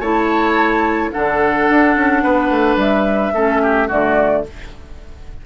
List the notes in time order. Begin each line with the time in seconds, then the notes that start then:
0.00 A3 E4 C#5 A5
1.12 D3 D4 A4 F#5
1.70 D4
1.96 C#4
2.23 B3 B4
2.50 A3
2.76 G3 E5
3.34 A3 C#4 A4
3.62 G4
3.88 D3 A3 F#4 D5